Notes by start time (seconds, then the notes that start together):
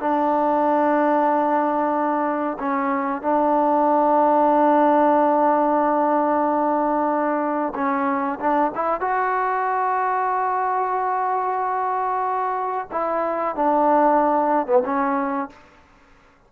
0.00 D4
2.59 C#4
3.22 D4
7.75 C#4
8.40 D4
8.75 E4
9.01 F#4
12.92 E4
13.56 D4
14.67 B3
14.85 C#4